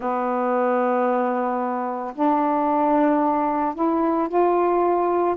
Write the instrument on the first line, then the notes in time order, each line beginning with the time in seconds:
saxophone
0.00 B3
2.14 D4
3.75 E4
4.28 F4